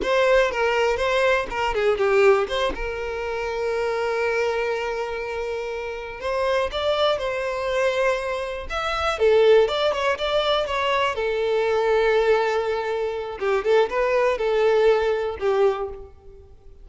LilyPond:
\new Staff \with { instrumentName = "violin" } { \time 4/4 \tempo 4 = 121 c''4 ais'4 c''4 ais'8 gis'8 | g'4 c''8 ais'2~ ais'8~ | ais'1~ | ais'8 c''4 d''4 c''4.~ |
c''4. e''4 a'4 d''8 | cis''8 d''4 cis''4 a'4.~ | a'2. g'8 a'8 | b'4 a'2 g'4 | }